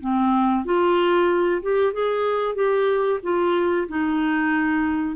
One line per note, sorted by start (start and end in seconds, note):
0.00 0.65 C4
0.65 1.62 F4
1.62 1.93 G4
1.93 2.55 G#4
2.55 3.19 G4
3.23 3.87 F4
3.88 5.15 D#4